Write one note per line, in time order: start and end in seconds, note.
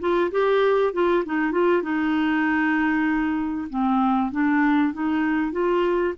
0.00 0.31 F4
0.31 0.93 G4
0.93 1.24 F4
1.25 1.52 D#4
1.52 1.82 F4
1.82 3.68 D#4
3.70 4.32 C4
4.32 4.93 D4
4.93 5.52 D#4
5.52 6.14 F4